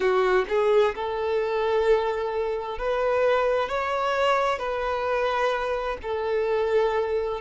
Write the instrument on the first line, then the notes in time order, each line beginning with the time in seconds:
violin
0.00 F#4
0.48 G#4
0.95 A4
2.78 B4
3.68 C#5
4.59 B4
6.02 A4